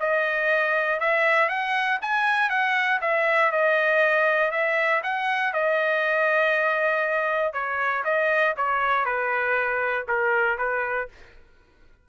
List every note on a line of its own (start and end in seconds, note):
0.00 1.00 D#5
1.00 1.49 E5
1.49 1.99 F#5
2.02 2.50 G#5
2.50 3.00 F#5
3.01 3.52 E5
3.52 4.51 D#5
4.51 5.01 E5
5.03 5.53 F#5
5.53 7.53 D#5
7.53 8.04 C#5
8.04 8.55 D#5
8.57 9.05 C#5
9.05 10.06 B4
10.08 10.58 A#4
10.58 11.09 B4